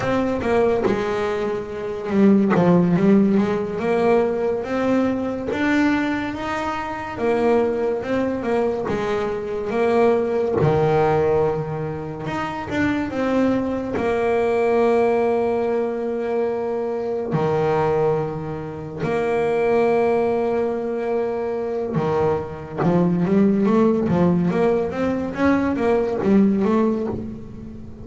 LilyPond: \new Staff \with { instrumentName = "double bass" } { \time 4/4 \tempo 4 = 71 c'8 ais8 gis4. g8 f8 g8 | gis8 ais4 c'4 d'4 dis'8~ | dis'8 ais4 c'8 ais8 gis4 ais8~ | ais8 dis2 dis'8 d'8 c'8~ |
c'8 ais2.~ ais8~ | ais8 dis2 ais4.~ | ais2 dis4 f8 g8 | a8 f8 ais8 c'8 cis'8 ais8 g8 a8 | }